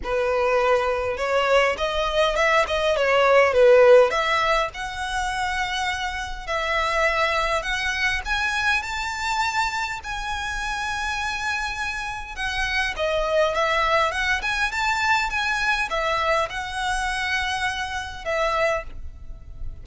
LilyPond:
\new Staff \with { instrumentName = "violin" } { \time 4/4 \tempo 4 = 102 b'2 cis''4 dis''4 | e''8 dis''8 cis''4 b'4 e''4 | fis''2. e''4~ | e''4 fis''4 gis''4 a''4~ |
a''4 gis''2.~ | gis''4 fis''4 dis''4 e''4 | fis''8 gis''8 a''4 gis''4 e''4 | fis''2. e''4 | }